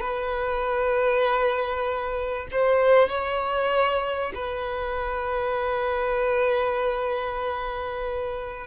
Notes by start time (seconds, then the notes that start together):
0.00 B4
2.51 C5
3.09 C#5
4.35 B4